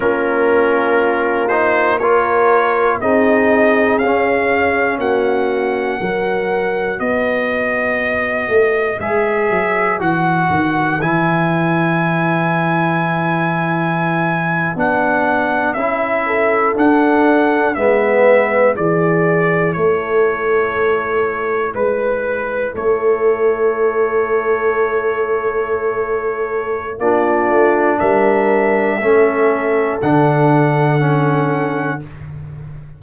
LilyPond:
<<
  \new Staff \with { instrumentName = "trumpet" } { \time 4/4 \tempo 4 = 60 ais'4. c''8 cis''4 dis''4 | f''4 fis''2 dis''4~ | dis''4 e''4 fis''4 gis''4~ | gis''2~ gis''8. fis''4 e''16~ |
e''8. fis''4 e''4 d''4 cis''16~ | cis''4.~ cis''16 b'4 cis''4~ cis''16~ | cis''2. d''4 | e''2 fis''2 | }
  \new Staff \with { instrumentName = "horn" } { \time 4/4 f'2 ais'4 gis'4~ | gis'4 fis'4 ais'4 b'4~ | b'1~ | b'1~ |
b'16 a'4. b'4 gis'4 a'16~ | a'4.~ a'16 b'4 a'4~ a'16~ | a'2. f'4 | ais'4 a'2. | }
  \new Staff \with { instrumentName = "trombone" } { \time 4/4 cis'4. dis'8 f'4 dis'4 | cis'2 fis'2~ | fis'4 gis'4 fis'4 e'4~ | e'2~ e'8. d'4 e'16~ |
e'8. d'4 b4 e'4~ e'16~ | e'1~ | e'2. d'4~ | d'4 cis'4 d'4 cis'4 | }
  \new Staff \with { instrumentName = "tuba" } { \time 4/4 ais2. c'4 | cis'4 ais4 fis4 b4~ | b8 a8 gis8 fis8 e8 dis8 e4~ | e2~ e8. b4 cis'16~ |
cis'8. d'4 gis4 e4 a16~ | a4.~ a16 gis4 a4~ a16~ | a2. ais8 a8 | g4 a4 d2 | }
>>